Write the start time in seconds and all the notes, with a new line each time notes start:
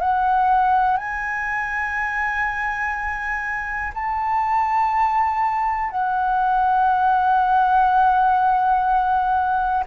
0.00 F#5
0.97 G#5
3.94 A5
5.90 F#5